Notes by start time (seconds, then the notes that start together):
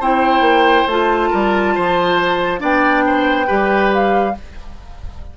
0.00 C4 E4 C5 G5
0.40 A#3
0.87 A3 F4 A5
1.30 G3 A#4
1.75 F3 C5
2.59 B3 D4 D5 G5
3.06 C5
3.47 G3 G4 B4
3.94 F5